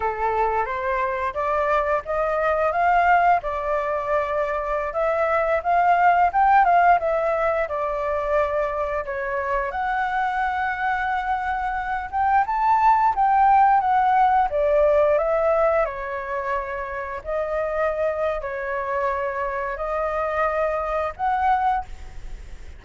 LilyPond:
\new Staff \with { instrumentName = "flute" } { \time 4/4 \tempo 4 = 88 a'4 c''4 d''4 dis''4 | f''4 d''2~ d''16 e''8.~ | e''16 f''4 g''8 f''8 e''4 d''8.~ | d''4~ d''16 cis''4 fis''4.~ fis''16~ |
fis''4.~ fis''16 g''8 a''4 g''8.~ | g''16 fis''4 d''4 e''4 cis''8.~ | cis''4~ cis''16 dis''4.~ dis''16 cis''4~ | cis''4 dis''2 fis''4 | }